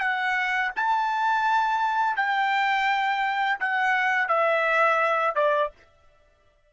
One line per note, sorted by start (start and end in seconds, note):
0.00 0.71 F#5
0.76 2.17 A5
2.17 3.59 G5
3.60 4.29 F#5
4.29 5.36 E5
5.36 5.71 D5